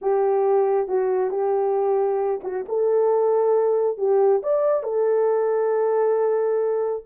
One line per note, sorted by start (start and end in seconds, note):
0.01 0.88 G4
0.88 1.30 F#4
1.30 2.40 G4
2.43 2.65 F#4
2.68 3.97 A4
3.97 4.41 G4
4.43 4.83 D5
4.83 7.03 A4